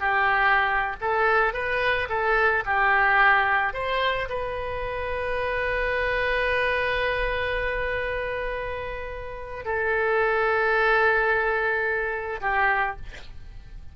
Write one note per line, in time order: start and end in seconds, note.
0.00 0.96 G4
1.01 1.54 A4
1.54 2.09 B4
2.09 2.64 A4
2.66 3.74 G4
3.74 4.29 C5
4.29 9.65 B4
9.65 12.41 A4
12.41 12.96 G4